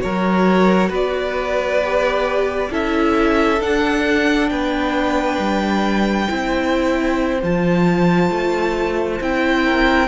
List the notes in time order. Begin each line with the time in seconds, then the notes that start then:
0.00 F#3 F#4 A#4 C#5
0.89 B3 B4 D5
1.83 G4
2.71 C#4 E4 A4 E5
3.60 D4 F#5
4.49 B3 B4 G5
5.38 G3
6.28 C4 E4 C5
7.42 F3 F4 A5
8.30 A3
9.20 C4 E4 G5
9.65 A#4